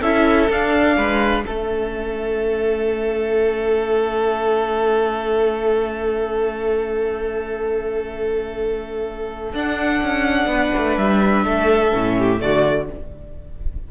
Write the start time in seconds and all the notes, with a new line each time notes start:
0.00 C#4 E4 A4 E5
0.49 D4 F5
0.96 G#3 B4
1.43 A3 C#4 A4 E5
9.52 D4 F#5
10.02 C#4
10.46 B3 B4
10.76 A3
10.97 G3 E5
11.45 A3 A4
11.91 A2 C#4
12.18 G4
12.37 D3 A3 F#4 D5